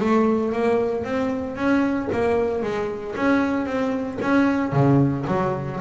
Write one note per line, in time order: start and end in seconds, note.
0.00 0.53 A3
0.53 1.04 A#3
1.04 1.56 C4
1.56 2.09 C#4
2.13 2.63 A#3
2.63 3.15 G#3
3.17 3.66 C#4
3.66 4.19 C4
4.22 4.73 C#4
4.73 5.25 C#3
5.28 5.80 F#3